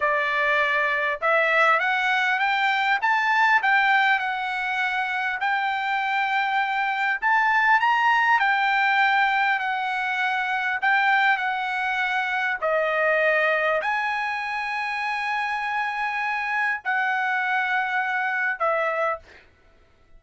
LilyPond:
\new Staff \with { instrumentName = "trumpet" } { \time 4/4 \tempo 4 = 100 d''2 e''4 fis''4 | g''4 a''4 g''4 fis''4~ | fis''4 g''2. | a''4 ais''4 g''2 |
fis''2 g''4 fis''4~ | fis''4 dis''2 gis''4~ | gis''1 | fis''2. e''4 | }